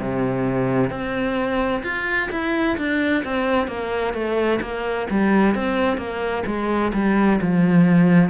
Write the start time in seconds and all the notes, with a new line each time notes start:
0.00 C3
0.91 C4
1.84 F4
2.32 E4
2.78 D4
3.24 C4
3.68 A#3
4.14 A3
4.62 A#3
5.10 G3
5.56 C4
5.97 A#3
6.47 G#3
6.94 G3
7.41 F3